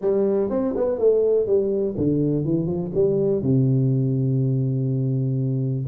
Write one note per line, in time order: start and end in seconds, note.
0.01 0.50 G3
0.50 0.74 C4
0.76 0.98 B3
0.98 1.46 A3
1.46 1.95 G3
1.97 2.45 D3
2.45 2.66 E3
2.66 2.90 F3
2.94 3.42 G3
3.42 5.86 C3